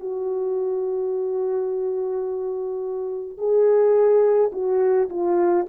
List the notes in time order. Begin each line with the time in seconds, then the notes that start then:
0.00 F#4
3.38 G#4
4.52 F#4
5.09 F4